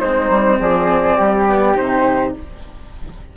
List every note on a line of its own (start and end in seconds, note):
0.00 0.30 G#3
0.00 1.50 C4
0.00 0.59 D#4
0.00 0.58 C5
0.30 0.59 G3
0.60 1.18 F3
0.60 1.17 G#4
0.60 1.76 D5
1.17 1.77 G3
1.17 2.34 G4
1.50 1.75 B3
1.75 2.37 C3
1.75 2.33 D#4
1.75 2.34 C5